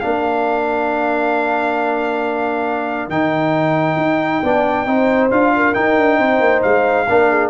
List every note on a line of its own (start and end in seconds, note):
0.00 3.09 A#3
0.00 3.11 D4
0.00 4.43 A#4
0.00 3.09 F5
3.09 3.97 D#3
3.09 4.43 D#4
3.09 5.31 G5
3.97 4.41 D#4
4.43 4.86 B3
4.43 4.86 D4
4.43 4.87 D5
4.86 5.30 C4
4.86 5.31 D#4
4.86 5.53 C5
5.31 5.75 D4
5.31 5.74 F4
5.31 5.74 F5
5.56 6.19 A#4
5.74 7.07 D#4
5.74 5.98 D#4
5.74 6.62 G5
5.98 6.19 D4
6.19 6.40 C4
6.19 7.07 C5
6.40 6.62 A#3
6.62 7.09 G#3
6.62 7.50 F5
7.09 7.50 A#3
7.09 7.50 D4
7.09 7.30 A#4
7.30 7.50 G#4